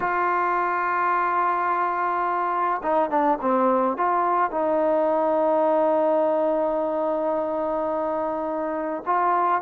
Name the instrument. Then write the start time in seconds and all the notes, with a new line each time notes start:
trombone
0.00 F4
2.82 D#4
3.10 D4
3.41 C4
3.97 F4
4.50 D#4
9.06 F4